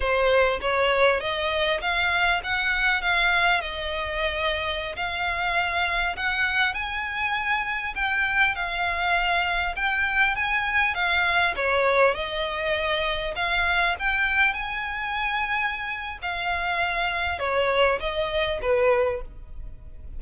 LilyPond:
\new Staff \with { instrumentName = "violin" } { \time 4/4 \tempo 4 = 100 c''4 cis''4 dis''4 f''4 | fis''4 f''4 dis''2~ | dis''16 f''2 fis''4 gis''8.~ | gis''4~ gis''16 g''4 f''4.~ f''16~ |
f''16 g''4 gis''4 f''4 cis''8.~ | cis''16 dis''2 f''4 g''8.~ | g''16 gis''2~ gis''8. f''4~ | f''4 cis''4 dis''4 b'4 | }